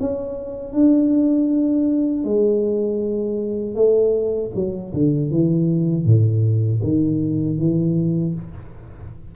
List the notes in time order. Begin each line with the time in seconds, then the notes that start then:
0.00 C#4
0.73 D4
2.24 G#3
3.75 A3
4.55 F#3
4.93 D3
5.31 E3
6.05 A2
6.83 D#3
7.58 E3